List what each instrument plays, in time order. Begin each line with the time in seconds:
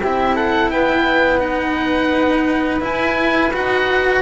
0.00 double bass C4, cello E4, flute G4, oboe E5
0.35 flute A4, oboe F#5
0.70 double bass B3, flute B4, oboe G5
1.40 cello D#4, oboe F#5
2.80 cello E4, double bass E4, oboe G#5
3.53 double bass D#4, cello F#4, oboe F#5